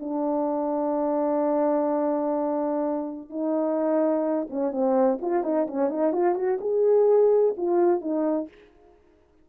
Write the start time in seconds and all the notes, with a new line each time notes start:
0.00 D4
3.30 D#4
4.50 C#4
4.71 C4
5.22 F4
5.43 D#4
5.67 C#4
5.89 D#4
6.13 F4
6.35 F#4
6.61 G#4
7.57 F4
8.01 D#4